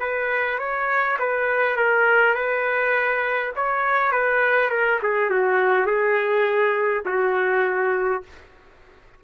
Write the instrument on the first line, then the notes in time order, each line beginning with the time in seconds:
trumpet
0.00 B4
0.59 C#5
1.19 B4
1.77 A#4
2.35 B4
3.56 C#5
4.12 B4
4.70 A#4
5.03 G#4
5.30 F#4
5.86 G#4
7.05 F#4